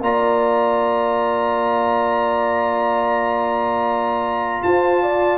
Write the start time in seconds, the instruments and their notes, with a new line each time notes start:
0.00 tuba A#3, trombone F4, horn D5, trumpet A#5
4.63 tuba F4, horn C5, trumpet A5
5.02 horn D5